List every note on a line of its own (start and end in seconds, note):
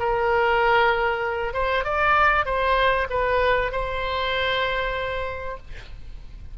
0.00 1.54 A#4
1.54 1.84 C5
1.84 2.46 D5
2.46 3.08 C5
3.10 3.72 B4
3.72 5.58 C5